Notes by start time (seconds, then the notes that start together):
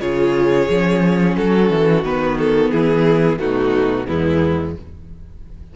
0.00 C#3 F4 G#4 C#5
0.69 F3 C#4
1.36 F#3 F#4 A4
1.70 E3
2.03 D#3 B3 B4
2.38 A4
2.71 E3 E4 G#4
3.38 B2 A3 D#4 F#4
4.06 E2 G#3 B3 E4